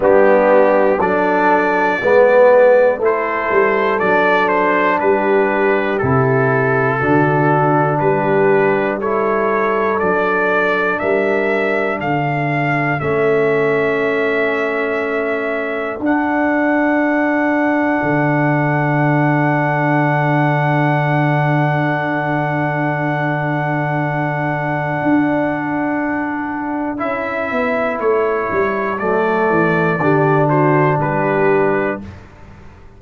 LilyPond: <<
  \new Staff \with { instrumentName = "trumpet" } { \time 4/4 \tempo 4 = 60 g'4 d''2 c''4 | d''8 c''8 b'4 a'2 | b'4 cis''4 d''4 e''4 | f''4 e''2. |
fis''1~ | fis''1~ | fis''2. e''4 | cis''4 d''4. c''8 b'4 | }
  \new Staff \with { instrumentName = "horn" } { \time 4/4 d'4 a'4 b'4 a'4~ | a'4 g'2 fis'4 | g'4 a'2 ais'4 | a'1~ |
a'1~ | a'1~ | a'1~ | a'2 g'8 fis'8 g'4 | }
  \new Staff \with { instrumentName = "trombone" } { \time 4/4 b4 d'4 b4 e'4 | d'2 e'4 d'4~ | d'4 e'4 d'2~ | d'4 cis'2. |
d'1~ | d'1~ | d'2. e'4~ | e'4 a4 d'2 | }
  \new Staff \with { instrumentName = "tuba" } { \time 4/4 g4 fis4 gis4 a8 g8 | fis4 g4 c4 d4 | g2 fis4 g4 | d4 a2. |
d'2 d2~ | d1~ | d4 d'2 cis'8 b8 | a8 g8 fis8 e8 d4 g4 | }
>>